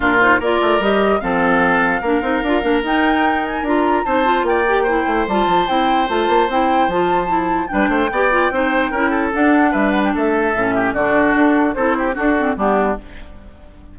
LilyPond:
<<
  \new Staff \with { instrumentName = "flute" } { \time 4/4 \tempo 4 = 148 ais'8 c''8 d''4 dis''4 f''4~ | f''2. g''4~ | g''8 gis''8 ais''4 a''4 g''4~ | g''4 a''4 g''4 a''4 |
g''4 a''2 g''4~ | g''2. fis''4 | e''8 fis''16 g''16 e''2 d''4 | a'4 c''4 a'4 g'4 | }
  \new Staff \with { instrumentName = "oboe" } { \time 4/4 f'4 ais'2 a'4~ | a'4 ais'2.~ | ais'2 c''4 d''4 | c''1~ |
c''2. b'8 c''8 | d''4 c''4 ais'8 a'4. | b'4 a'4. g'8 fis'4~ | fis'4 a'8 g'8 fis'4 d'4 | }
  \new Staff \with { instrumentName = "clarinet" } { \time 4/4 d'8 dis'8 f'4 g'4 c'4~ | c'4 d'8 dis'8 f'8 d'8 dis'4~ | dis'4 f'4 dis'8 f'4 g'8 | e'4 f'4 e'4 f'4 |
e'4 f'4 e'4 d'4 | g'8 f'8 dis'4 e'4 d'4~ | d'2 cis'4 d'4~ | d'4 e'4 d'8 c'8 b4 | }
  \new Staff \with { instrumentName = "bassoon" } { \time 4/4 ais,4 ais8 a8 g4 f4~ | f4 ais8 c'8 d'8 ais8 dis'4~ | dis'4 d'4 c'4 ais4~ | ais8 a8 g8 f8 c'4 a8 ais8 |
c'4 f2 g8 a8 | b4 c'4 cis'4 d'4 | g4 a4 a,4 d4 | d'4 c'4 d'4 g4 | }
>>